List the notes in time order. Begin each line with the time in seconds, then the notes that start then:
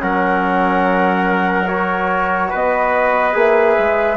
0.00 F#3 C#4 A#4 F#5
1.67 F#4 C#5
2.50 B3 B4 D#5
3.33 A#3 G#4 E5
3.78 G#3